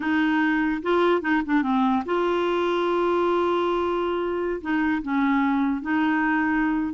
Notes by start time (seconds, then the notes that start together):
0.00 D#4
0.82 F4
1.21 D#4
1.45 D4
1.62 C4
2.05 F4
4.61 D#4
5.02 C#4
5.81 D#4